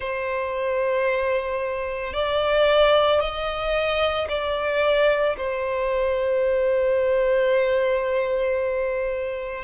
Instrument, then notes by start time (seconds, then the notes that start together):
violin
0.00 C5
2.13 D5
3.20 D#5
4.29 D5
5.37 C5